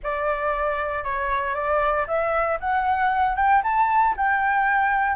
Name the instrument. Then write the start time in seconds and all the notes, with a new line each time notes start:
flute
0.03 D5
1.03 C#5
1.54 D5
2.07 E5
2.60 F#5
3.36 G5
3.63 A5
4.16 G5